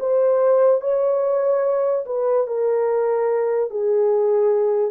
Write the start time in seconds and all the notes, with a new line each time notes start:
0.00 C5
0.81 C#5
2.06 B4
2.47 A#4
3.70 G#4